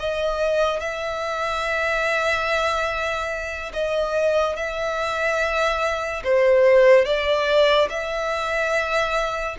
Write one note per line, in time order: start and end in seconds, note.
0.00 0.81 D#5
0.81 3.72 E5
3.74 4.56 D#5
4.56 6.23 E5
6.24 7.06 C5
7.06 7.89 D5
7.90 9.57 E5